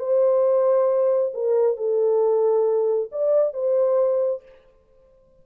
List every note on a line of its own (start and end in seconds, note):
0.00 1.33 C5
1.34 1.77 A#4
1.77 3.11 A4
3.12 3.54 D5
3.54 4.43 C5